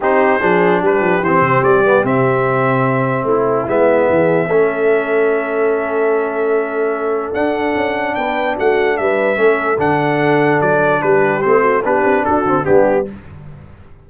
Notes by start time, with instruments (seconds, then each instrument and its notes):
0.00 tuba C4, trombone D#4, horn G4, trumpet C5
0.39 tuba F3, trombone D4, horn G#4
0.81 tuba G3, horn G4, trumpet B4
0.99 tuba F3
1.22 tuba E3, trombone C4, trumpet C5
1.41 tuba C3
1.63 tuba G3, trumpet D5
1.84 trombone B3
2.03 tuba C3, trombone C4, trumpet E5
3.23 tuba A3, horn E4, trumpet E4
3.67 tuba G#3, trombone B3, trumpet E5
4.09 tuba E3, horn G#4
4.46 tuba A3, trombone C#4, horn A4
7.33 tuba D4, trombone D4, trumpet F#5
7.75 tuba C#4
8.14 tuba B3, horn B4, trumpet G5
8.56 tuba A3, horn F#4, trumpet F#5
8.97 tuba G3, horn B4, trumpet E5
9.36 tuba A3, trombone C#4, horn A4
9.78 tuba D3, trombone D4, trumpet F#5
10.61 tuba F#3, trumpet D5
11.02 tuba G3, horn G4, trumpet B4
11.41 tuba A3, trombone C4, trumpet C5
11.61 horn F#4
11.84 tuba B3, trombone D4, horn G4, trumpet B4
12.03 tuba C4
12.24 tuba D4, horn F#4, trumpet A4
12.44 tuba D3, trombone C4
12.64 tuba G3, trombone B3, horn D4, trumpet G4